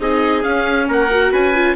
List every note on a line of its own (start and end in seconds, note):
0.00 0.44 C4
0.00 0.43 D#4
0.00 0.88 G#4
0.00 0.43 D#5
0.43 1.09 C#4
0.43 0.89 C#4
0.43 0.87 F5
0.88 1.32 A#3
0.88 1.32 A#4
0.88 1.34 F#5
1.10 1.54 F#4
1.32 1.76 C#4
1.32 1.76 B4
1.32 1.76 G#5
1.54 1.76 F4